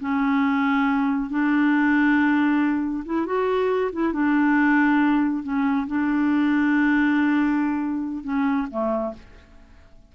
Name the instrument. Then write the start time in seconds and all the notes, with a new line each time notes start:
clarinet
0.00 C#4
1.30 D4
3.05 E4
3.26 F#4
3.92 E4
4.13 D4
5.43 C#4
5.87 D4
8.24 C#4
8.70 A3